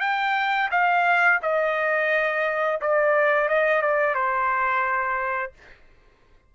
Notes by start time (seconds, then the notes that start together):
0.00 G5
0.71 F5
1.42 D#5
2.81 D5
3.48 D#5
3.82 D5
4.14 C5